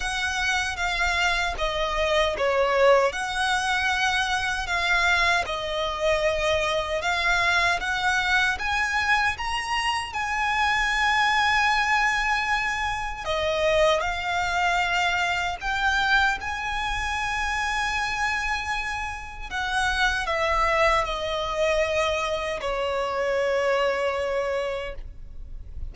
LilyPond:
\new Staff \with { instrumentName = "violin" } { \time 4/4 \tempo 4 = 77 fis''4 f''4 dis''4 cis''4 | fis''2 f''4 dis''4~ | dis''4 f''4 fis''4 gis''4 | ais''4 gis''2.~ |
gis''4 dis''4 f''2 | g''4 gis''2.~ | gis''4 fis''4 e''4 dis''4~ | dis''4 cis''2. | }